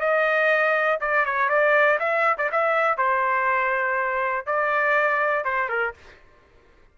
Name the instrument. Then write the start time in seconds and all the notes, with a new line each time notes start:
trumpet
0.00 D#5
1.00 D5
1.25 C#5
1.49 D5
1.99 E5
2.38 D5
2.51 E5
2.97 C5
4.46 D5
5.45 C5
5.69 A#4